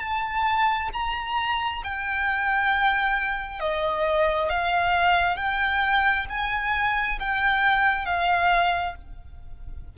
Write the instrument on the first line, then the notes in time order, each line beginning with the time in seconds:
violin
0.00 A5
0.93 A#5
1.84 G5
3.60 D#5
4.49 F5
5.36 G5
6.30 G#5
7.20 G5
8.06 F5